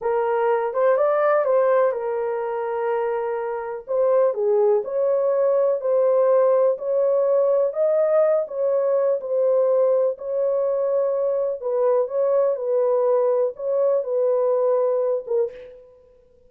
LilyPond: \new Staff \with { instrumentName = "horn" } { \time 4/4 \tempo 4 = 124 ais'4. c''8 d''4 c''4 | ais'1 | c''4 gis'4 cis''2 | c''2 cis''2 |
dis''4. cis''4. c''4~ | c''4 cis''2. | b'4 cis''4 b'2 | cis''4 b'2~ b'8 ais'8 | }